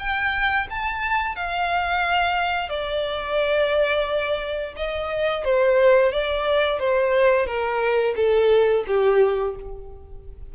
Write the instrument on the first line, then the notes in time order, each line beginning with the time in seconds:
violin
0.00 G5
0.71 A5
1.36 F5
2.70 D5
4.77 D#5
5.45 C5
6.12 D5
6.80 C5
7.47 A#4
8.17 A4
8.88 G4